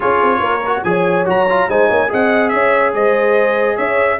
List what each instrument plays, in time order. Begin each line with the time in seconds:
0.00 tuba C#4, trombone F4, horn G#4, trumpet C#5
0.22 tuba C4
0.39 tuba A#3, horn A#4
0.66 trombone F#4
0.83 tuba F3, trombone G#4, horn C#5, trumpet G#5
1.25 tuba F#3, trombone F#4, trumpet A#5
1.49 trombone F4
1.68 tuba G#3, trombone D#4, horn C5, trumpet G#5
1.88 tuba A#3, horn C#5
2.08 tuba C4, trombone G#4, horn D#5, trumpet F#5
2.48 tuba C#4, horn C#5, trumpet E5
2.93 tuba G#3, horn C5, trumpet D#5
3.76 tuba C#4, horn C#5, trumpet E5